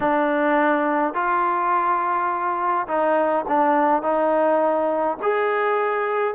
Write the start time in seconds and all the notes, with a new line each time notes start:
0.00 D4
1.14 F4
2.87 D#4
3.47 D4
4.02 D#4
5.22 G#4